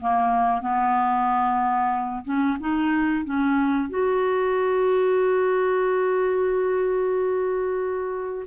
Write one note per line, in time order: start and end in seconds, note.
0.00 0.61 A#3
0.61 2.24 B3
2.24 2.57 C#4
2.60 3.24 D#4
3.24 3.89 C#4
3.89 8.45 F#4